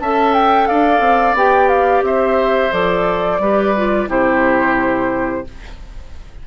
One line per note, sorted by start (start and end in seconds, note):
0.00 0.68 C#4
0.00 1.37 A4
0.00 0.69 E5
0.00 0.34 A5
0.34 0.67 G5
0.67 1.00 D4
0.67 2.05 D5
0.67 1.36 F5
1.00 1.34 C4
1.34 2.02 B3
1.34 2.72 G4
1.34 1.68 G5
1.68 2.03 F5
2.03 2.71 C4
2.03 3.42 C5
2.03 2.73 E5
2.72 3.39 F3
2.72 3.40 A4
2.72 4.09 D5
3.39 4.08 G3
3.39 3.76 G4
3.39 4.09 B4
3.77 4.08 F4
4.08 5.45 C3
4.08 5.44 E4
4.08 5.46 G4
4.08 5.47 C5